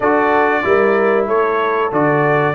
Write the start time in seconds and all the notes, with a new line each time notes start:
0.00 D4 F#4 A4 D5
0.63 G3 E4 A#4
1.28 A3 A4 C#5
1.91 D3 F#4 D5